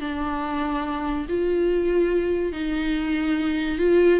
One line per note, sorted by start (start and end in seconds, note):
0.00 1.26 D4
1.28 2.52 F4
2.52 3.78 D#4
3.78 4.20 F4